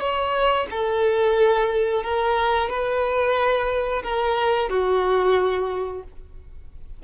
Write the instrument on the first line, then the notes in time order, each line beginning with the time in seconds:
violin
0.00 C#5
0.71 A4
2.03 A#4
2.69 B4
4.03 A#4
4.69 F#4